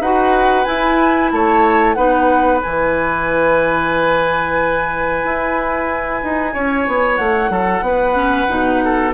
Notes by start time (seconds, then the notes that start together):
0.00 D#4 F#4 B4 F#5
0.64 E4 G#5
1.31 A3 C#5 A5
1.93 B3 D#4 B4 F#5
2.60 E3 E4 G#5
5.24 E4
6.23 D#4
6.53 C#4 C#5
6.87 B3
7.16 A3 F#5
7.49 F#3 A4
7.81 B3 B4
8.14 C#4
8.48 B2 D#4
8.84 A4